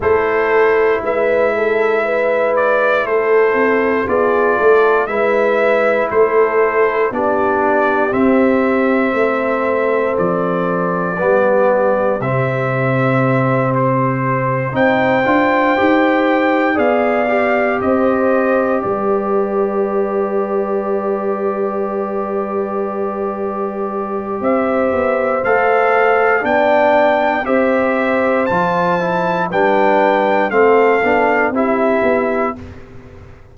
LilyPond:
<<
  \new Staff \with { instrumentName = "trumpet" } { \time 4/4 \tempo 4 = 59 c''4 e''4. d''8 c''4 | d''4 e''4 c''4 d''4 | e''2 d''2 | e''4. c''4 g''4.~ |
g''8 f''4 dis''4 d''4.~ | d''1 | e''4 f''4 g''4 e''4 | a''4 g''4 f''4 e''4 | }
  \new Staff \with { instrumentName = "horn" } { \time 4/4 a'4 b'8 a'8 b'4 a'4 | gis'8 a'8 b'4 a'4 g'4~ | g'4 a'2 g'4~ | g'2~ g'8 c''4.~ |
c''8 d''4 c''4 b'4.~ | b'1 | c''2 d''4 c''4~ | c''4 b'4 a'4 g'4 | }
  \new Staff \with { instrumentName = "trombone" } { \time 4/4 e'1 | f'4 e'2 d'4 | c'2. b4 | c'2~ c'8 dis'8 f'8 g'8~ |
g'8 gis'8 g'2.~ | g'1~ | g'4 a'4 d'4 g'4 | f'8 e'8 d'4 c'8 d'8 e'4 | }
  \new Staff \with { instrumentName = "tuba" } { \time 4/4 a4 gis2 a8 c'8 | b8 a8 gis4 a4 b4 | c'4 a4 f4 g4 | c2~ c8 c'8 d'8 dis'8~ |
dis'8 b4 c'4 g4.~ | g1 | c'8 b8 a4 b4 c'4 | f4 g4 a8 b8 c'8 b8 | }
>>